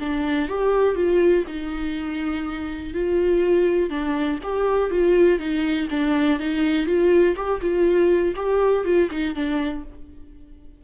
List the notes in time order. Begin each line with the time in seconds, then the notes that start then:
0.00 D4
0.49 G4
0.96 F4
1.47 D#4
2.94 F4
3.90 D4
4.43 G4
4.91 F4
5.39 D#4
5.90 D4
6.40 D#4
6.86 F4
7.36 G4
7.61 F4
8.36 G4
8.85 F4
9.11 D#4
9.35 D4